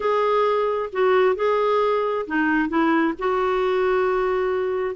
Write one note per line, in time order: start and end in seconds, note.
0.00 0.89 G#4
0.92 1.35 F#4
1.35 2.26 G#4
2.26 2.68 D#4
2.68 3.13 E4
3.18 4.95 F#4